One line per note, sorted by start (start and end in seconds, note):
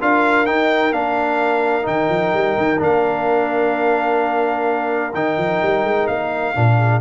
0.00 0.46 D4
0.00 0.46 F4
0.00 6.78 A#4
0.00 0.46 F5
0.46 0.92 D#4
0.46 0.93 G5
0.92 1.86 A#3
0.92 1.82 D4
0.92 1.86 F5
1.82 2.09 D#3
1.82 2.76 D#4
1.82 2.81 G5
2.09 2.33 F3
2.33 2.56 G3
2.57 2.80 D#3
2.78 5.14 A#3
2.78 5.12 D4
2.78 5.14 F5
5.14 5.37 D#3
5.14 6.55 D#4
5.14 6.07 G5
5.38 5.61 F3
5.62 5.83 G3
5.83 6.07 G#3
6.07 6.55 A#3
6.07 7.01 F5
6.55 7.01 A#2
6.55 7.01 D4
6.78 7.01 G#4